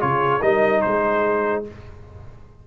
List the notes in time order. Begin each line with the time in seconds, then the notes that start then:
0.00 C#3 F4 G#4 C#5
0.42 G3 D#4 A#4 D#5
0.81 G#3 G#4 C5